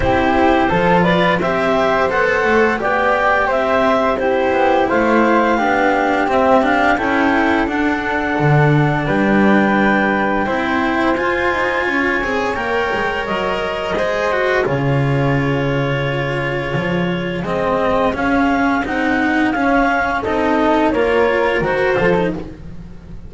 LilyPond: <<
  \new Staff \with { instrumentName = "clarinet" } { \time 4/4 \tempo 4 = 86 c''4. d''8 e''4 fis''4 | g''4 e''4 c''4 f''4~ | f''4 e''8 f''8 g''4 fis''4~ | fis''4 g''2. |
gis''2 g''4 dis''4~ | dis''4 cis''2.~ | cis''4 dis''4 f''4 fis''4 | f''4 dis''4 cis''4 c''4 | }
  \new Staff \with { instrumentName = "flute" } { \time 4/4 g'4 a'8 b'8 c''2 | d''4 c''4 g'4 c''4 | g'2 a'2~ | a'4 b'2 c''4~ |
c''4 cis''2. | c''4 gis'2.~ | gis'1~ | gis'4 a'4 ais'4. a'8 | }
  \new Staff \with { instrumentName = "cello" } { \time 4/4 e'4 f'4 g'4 a'4 | g'2 e'2 | d'4 c'8 d'8 e'4 d'4~ | d'2. e'4 |
f'4. gis'8 ais'2 | gis'8 fis'8 f'2.~ | f'4 c'4 cis'4 dis'4 | cis'4 dis'4 f'4 fis'8 f'16 dis'16 | }
  \new Staff \with { instrumentName = "double bass" } { \time 4/4 c'4 f4 c'4 b8 a8 | b4 c'4. b8 a4 | b4 c'4 cis'4 d'4 | d4 g2 c'4 |
f'8 dis'8 cis'8 c'8 ais8 gis8 fis4 | gis4 cis2. | f4 gis4 cis'4 c'4 | cis'4 c'4 ais4 dis8 f8 | }
>>